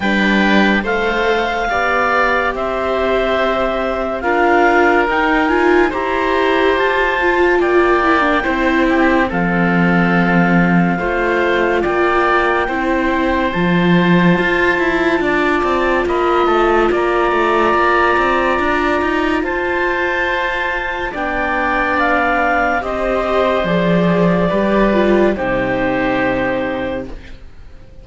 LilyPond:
<<
  \new Staff \with { instrumentName = "clarinet" } { \time 4/4 \tempo 4 = 71 g''4 f''2 e''4~ | e''4 f''4 g''8 gis''8 ais''4 | a''4 g''2 f''4~ | f''2 g''2 |
a''2. b''8 a''8 | ais''2. a''4~ | a''4 g''4 f''4 dis''4 | d''2 c''2 | }
  \new Staff \with { instrumentName = "oboe" } { \time 4/4 b'4 c''4 d''4 c''4~ | c''4 ais'2 c''4~ | c''4 d''4 c''8 g'8 a'4~ | a'4 c''4 d''4 c''4~ |
c''2 d''4 dis''4 | d''2. c''4~ | c''4 d''2 c''4~ | c''4 b'4 g'2 | }
  \new Staff \with { instrumentName = "viola" } { \time 4/4 d'4 a'4 g'2~ | g'4 f'4 dis'8 f'8 g'4~ | g'8 f'4 e'16 d'16 e'4 c'4~ | c'4 f'2 e'4 |
f'1~ | f'1~ | f'4 d'2 g'4 | gis'4 g'8 f'8 dis'2 | }
  \new Staff \with { instrumentName = "cello" } { \time 4/4 g4 a4 b4 c'4~ | c'4 d'4 dis'4 e'4 | f'4 ais4 c'4 f4~ | f4 a4 ais4 c'4 |
f4 f'8 e'8 d'8 c'8 ais8 a8 | ais8 a8 ais8 c'8 d'8 dis'8 f'4~ | f'4 b2 c'4 | f4 g4 c2 | }
>>